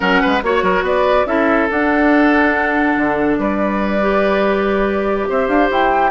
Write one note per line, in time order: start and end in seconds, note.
0.00 0.22 F#3
0.00 0.39 C#4
0.00 0.21 A#4
0.00 0.42 F#5
0.21 0.42 G#3
0.21 0.42 B4
0.42 0.62 A#3
0.42 1.26 F#4
0.42 0.85 C#5
0.42 0.63 C#5
0.62 0.82 F#3
0.62 0.84 A#4
0.82 1.24 B3
0.82 1.26 B4
0.82 1.26 D5
1.26 1.68 C#4
1.26 1.68 E4
1.26 3.39 A4
1.26 1.69 E5
1.70 2.96 D4
1.70 4.01 D4
1.70 3.36 F#5
2.96 3.38 D3
3.36 5.28 G3
3.36 5.28 B4
3.36 5.26 D5
4.01 6.11 G4
5.28 5.48 C4
5.28 6.11 C5
5.28 5.48 E5
5.48 5.69 D4
5.48 5.69 F5
5.70 6.11 E4
5.70 6.11 G5